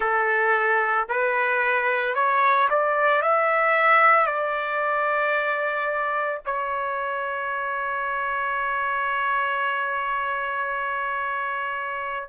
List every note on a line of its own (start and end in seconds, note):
0.00 1.07 A4
1.09 2.14 B4
2.14 2.68 C#5
2.69 3.21 D5
3.21 4.26 E5
4.26 6.40 D5
6.45 12.29 C#5